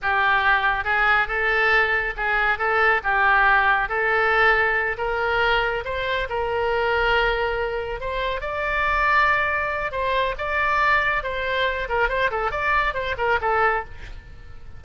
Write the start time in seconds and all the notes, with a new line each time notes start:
0.02 G4
0.84 G#4
1.27 A4
2.16 G#4
2.58 A4
3.03 G4
3.88 A4
4.97 A#4
5.84 C5
6.29 A#4
8.00 C5
8.41 D5
9.91 C5
10.37 D5
11.23 C5
11.88 A#4
12.08 C5
12.31 A4
12.51 D5
12.94 C5
13.17 A#4
13.41 A4